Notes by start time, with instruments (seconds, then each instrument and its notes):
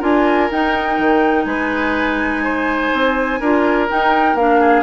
0.00 bassoon D4, clarinet F4, oboe A#4, flute G#5
0.51 bassoon D#4, clarinet D#4, flute G5
0.99 bassoon D#3
1.45 bassoon G#3, oboe B4, flute G#5
2.44 oboe C5
2.94 bassoon C4
3.40 bassoon D4, clarinet F4, oboe A#4
3.88 clarinet D#4, bassoon D#4, flute G5
4.35 bassoon A#3, clarinet D4, flute F5
4.60 oboe G#4